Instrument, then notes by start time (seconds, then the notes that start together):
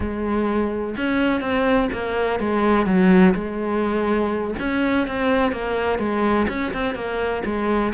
cello
0.00 G#3
0.96 C#4
1.41 C4
1.92 A#3
2.39 G#3
2.86 F#3
3.34 G#3
4.59 C#4
5.07 C4
5.52 A#3
5.98 G#3
6.48 C#4
6.73 C4
6.94 A#3
7.45 G#3